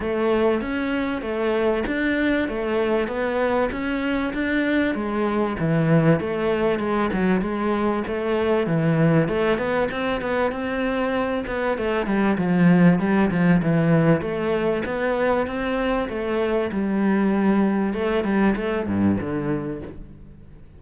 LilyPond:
\new Staff \with { instrumentName = "cello" } { \time 4/4 \tempo 4 = 97 a4 cis'4 a4 d'4 | a4 b4 cis'4 d'4 | gis4 e4 a4 gis8 fis8 | gis4 a4 e4 a8 b8 |
c'8 b8 c'4. b8 a8 g8 | f4 g8 f8 e4 a4 | b4 c'4 a4 g4~ | g4 a8 g8 a8 g,8 d4 | }